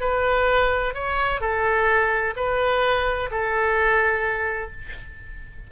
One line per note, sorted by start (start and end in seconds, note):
0.00 0.94 B4
0.94 1.40 C#5
1.40 2.34 A4
2.36 3.29 B4
3.30 4.71 A4